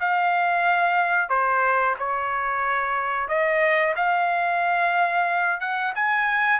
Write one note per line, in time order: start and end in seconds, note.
0.00 1.29 F5
1.29 1.95 C5
1.99 3.28 C#5
3.28 3.94 D#5
3.96 5.60 F5
5.60 5.93 F#5
5.95 6.60 G#5